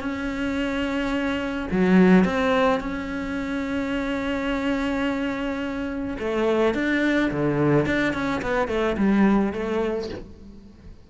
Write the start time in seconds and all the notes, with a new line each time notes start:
0.00 C#4
1.72 F#3
2.25 C4
2.81 C#4
6.19 A3
6.75 D4
7.31 D3
7.86 D4
8.14 C#4
8.42 B3
8.68 A3
8.98 G3
9.54 A3